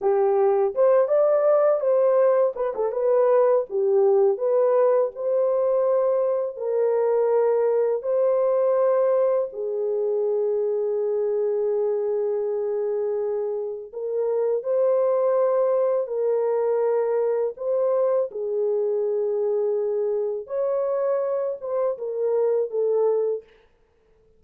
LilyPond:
\new Staff \with { instrumentName = "horn" } { \time 4/4 \tempo 4 = 82 g'4 c''8 d''4 c''4 b'16 a'16 | b'4 g'4 b'4 c''4~ | c''4 ais'2 c''4~ | c''4 gis'2.~ |
gis'2. ais'4 | c''2 ais'2 | c''4 gis'2. | cis''4. c''8 ais'4 a'4 | }